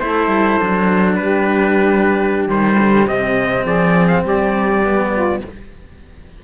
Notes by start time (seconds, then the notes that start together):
0.00 A3 E4 A4 C5
0.27 G3
0.60 F#3 D4
1.15 G3 G4 B4
2.47 D#3 G3 C5
2.80 D3
3.07 C3 C4 D#5
3.64 F3 G#4 D5
4.07 F5
4.22 G3 G4 D5
4.83 B3
5.13 F4